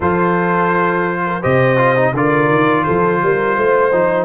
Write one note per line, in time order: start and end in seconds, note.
0.00 1.43 F3
0.00 1.42 F4
0.00 1.21 A4
0.00 1.42 C5
1.26 1.40 A#4
1.40 2.13 C3
1.40 1.77 G4
1.40 2.11 C5
1.40 2.14 D#5
1.77 1.95 F4
1.96 2.14 D#4
2.13 2.48 D3
2.13 3.91 F4
2.13 2.84 A#4
2.13 2.83 D5
2.48 2.84 D#3
2.83 3.22 F3
2.83 3.20 A4
2.83 4.24 C5
3.22 3.57 G3
3.22 3.57 A#4
3.57 3.92 A3
3.57 4.24 C5
3.91 4.24 F3
3.91 4.24 D#4